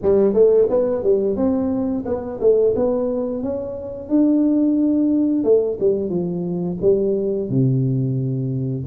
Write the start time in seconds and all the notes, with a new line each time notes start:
0.02 G3
0.33 A3
0.69 B3
1.03 G3
1.36 C4
2.05 B3
2.40 A3
2.75 B3
3.42 C#4
4.09 D4
5.44 A3
5.80 G3
6.09 F3
6.81 G3
7.49 C3